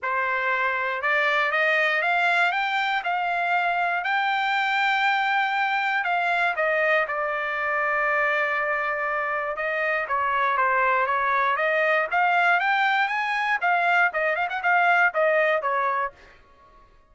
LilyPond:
\new Staff \with { instrumentName = "trumpet" } { \time 4/4 \tempo 4 = 119 c''2 d''4 dis''4 | f''4 g''4 f''2 | g''1 | f''4 dis''4 d''2~ |
d''2. dis''4 | cis''4 c''4 cis''4 dis''4 | f''4 g''4 gis''4 f''4 | dis''8 f''16 fis''16 f''4 dis''4 cis''4 | }